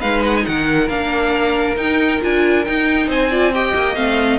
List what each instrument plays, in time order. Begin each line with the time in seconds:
0.00 cello G#3, viola D#4, violin B4 F5
0.26 violin F#5
0.37 violin G#5
0.46 cello D#3, violin A#4 F#5
0.89 cello A#3, viola D4, violin F5
1.77 cello D#4, viola D#4, violin G5
2.22 cello D4, viola F4, violin G#5
2.65 viola D#4, cello D#4, violin G5
3.08 cello C4, violin C5 G#5
3.30 viola F4, violin D5
3.54 viola G4, violin D#5 G5
3.75 cello A#3
3.96 cello A3, viola C4, violin F5